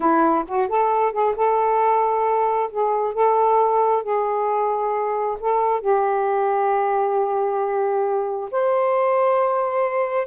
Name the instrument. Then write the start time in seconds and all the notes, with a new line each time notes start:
saxophone
0.00 E4
0.47 F#4
0.68 A4
1.12 G#4
1.36 A4
2.70 G#4
3.13 A4
4.03 G#4
5.40 A4
5.81 G4
8.51 C5